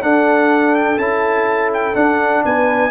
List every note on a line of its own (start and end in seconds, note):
0.00 0.97 D4
0.00 2.44 A4
0.00 0.75 F#5
0.75 0.98 G5
0.97 1.94 C#4
0.97 1.94 E4
0.97 1.70 A5
1.73 1.95 G5
1.94 2.90 D4
1.94 2.44 D4
1.94 2.43 F#5
2.45 2.90 B3
2.45 2.90 B4
2.45 2.90 G#5